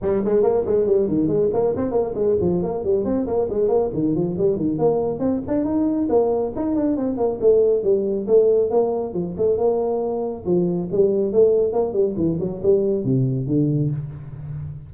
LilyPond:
\new Staff \with { instrumentName = "tuba" } { \time 4/4 \tempo 4 = 138 g8 gis8 ais8 gis8 g8 dis8 gis8 ais8 | c'8 ais8 gis8 f8 ais8 g8 c'8 ais8 | gis8 ais8 dis8 f8 g8 dis8 ais4 | c'8 d'8 dis'4 ais4 dis'8 d'8 |
c'8 ais8 a4 g4 a4 | ais4 f8 a8 ais2 | f4 g4 a4 ais8 g8 | e8 fis8 g4 c4 d4 | }